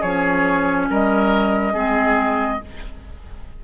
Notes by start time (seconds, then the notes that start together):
0.00 F3 C#4 G#4 C#5
0.89 G3 A#4 D#5
1.73 G#3 C4 G#4